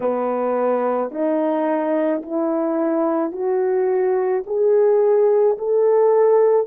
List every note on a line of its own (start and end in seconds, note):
0.00 1.11 B3
1.11 2.22 D#4
2.22 3.32 E4
3.32 4.43 F#4
4.46 5.57 G#4
5.58 6.67 A4